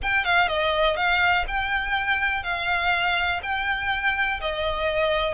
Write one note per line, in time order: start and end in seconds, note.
0.02 0.24 G5
0.24 0.48 F5
0.48 0.96 D#5
0.96 1.45 F5
1.47 2.43 G5
2.43 3.40 F5
3.42 4.40 G5
4.40 5.34 D#5